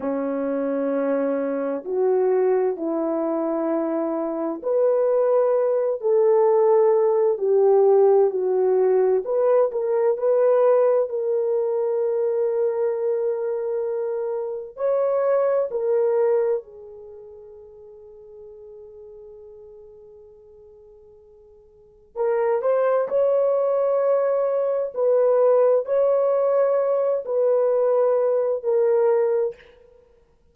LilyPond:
\new Staff \with { instrumentName = "horn" } { \time 4/4 \tempo 4 = 65 cis'2 fis'4 e'4~ | e'4 b'4. a'4. | g'4 fis'4 b'8 ais'8 b'4 | ais'1 |
cis''4 ais'4 gis'2~ | gis'1 | ais'8 c''8 cis''2 b'4 | cis''4. b'4. ais'4 | }